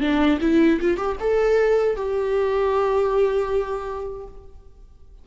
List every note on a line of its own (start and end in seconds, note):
0.00 0.38 D4
0.41 0.79 E4
0.80 0.97 F4
0.97 1.16 G4
1.20 1.96 A4
1.96 4.27 G4